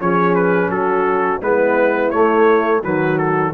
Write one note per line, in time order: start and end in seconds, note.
0.00 0.69 F3
0.00 1.41 C#4
0.00 0.70 G#4
0.00 0.34 C#5
0.34 0.70 B4
0.69 1.40 F#3
0.69 1.41 F#4
0.69 1.41 A4
1.41 2.11 G#3
1.41 2.12 B3
1.41 2.81 E4
1.41 2.10 B4
2.10 2.82 A3
2.10 2.83 A3
2.10 2.81 C#5
2.81 3.53 D#3
2.81 3.54 F#3
2.81 3.52 F#4
2.81 3.18 B4
3.18 3.53 A4